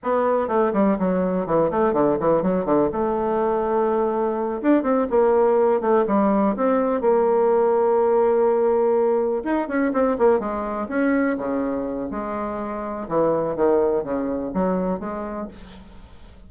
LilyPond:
\new Staff \with { instrumentName = "bassoon" } { \time 4/4 \tempo 4 = 124 b4 a8 g8 fis4 e8 a8 | d8 e8 fis8 d8 a2~ | a4. d'8 c'8 ais4. | a8 g4 c'4 ais4.~ |
ais2.~ ais8 dis'8 | cis'8 c'8 ais8 gis4 cis'4 cis8~ | cis4 gis2 e4 | dis4 cis4 fis4 gis4 | }